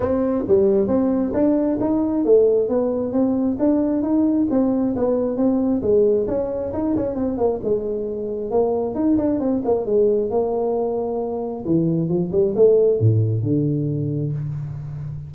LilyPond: \new Staff \with { instrumentName = "tuba" } { \time 4/4 \tempo 4 = 134 c'4 g4 c'4 d'4 | dis'4 a4 b4 c'4 | d'4 dis'4 c'4 b4 | c'4 gis4 cis'4 dis'8 cis'8 |
c'8 ais8 gis2 ais4 | dis'8 d'8 c'8 ais8 gis4 ais4~ | ais2 e4 f8 g8 | a4 a,4 d2 | }